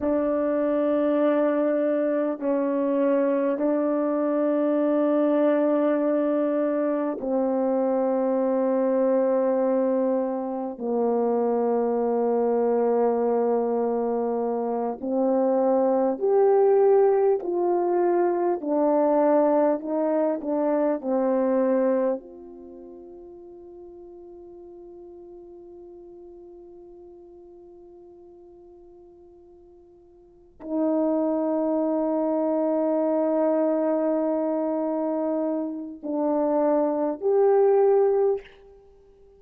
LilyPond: \new Staff \with { instrumentName = "horn" } { \time 4/4 \tempo 4 = 50 d'2 cis'4 d'4~ | d'2 c'2~ | c'4 ais2.~ | ais8 c'4 g'4 f'4 d'8~ |
d'8 dis'8 d'8 c'4 f'4.~ | f'1~ | f'4. dis'2~ dis'8~ | dis'2 d'4 g'4 | }